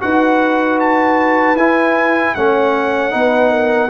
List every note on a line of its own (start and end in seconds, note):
0.00 1.55 D#4
0.00 1.56 F#4
0.00 2.36 B4
0.00 0.79 F#5
0.80 1.56 A5
1.55 2.32 E4
1.55 2.36 E4
1.55 2.34 G#5
2.35 3.14 A3
2.35 3.10 C#4
2.35 3.13 C#5
2.35 3.90 F#5
3.10 3.90 B3
3.10 3.88 D#4
3.10 3.50 B4
3.50 3.89 A#4